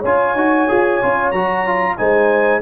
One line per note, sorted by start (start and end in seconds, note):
0.00 0.35 C#4
0.00 0.37 F4
0.00 1.94 C#5
0.00 1.32 G#5
0.35 0.67 D#4
0.35 0.69 F#4
0.69 1.03 F4
0.69 1.01 G#4
1.02 1.32 C#4
1.02 1.34 F4
1.32 1.97 F#3
1.32 1.66 F#4
1.32 1.96 A#5
1.66 1.98 F4
1.97 2.62 G#3
1.97 2.62 D#4
1.97 2.62 C5
1.97 2.62 G#5